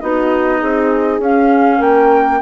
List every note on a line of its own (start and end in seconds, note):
0.00 0.62 B3
0.00 1.21 D#4
0.00 0.59 F#4
0.00 1.20 D#5
0.59 1.19 C4
0.59 1.78 G#4
1.19 1.79 C#4
1.19 2.41 C#4
1.19 1.82 F5
1.78 2.41 A#3
1.78 2.38 A#4
1.78 2.41 G5